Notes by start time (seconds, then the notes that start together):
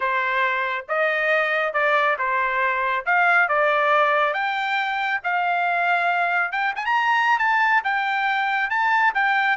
0.00 C5
0.88 D#5
1.73 D5
2.18 C5
3.05 F5
3.48 D5
4.33 G5
5.23 F5
6.52 G5
6.75 G#5
6.85 A#5
7.39 A5
7.84 G5
8.70 A5
9.14 G5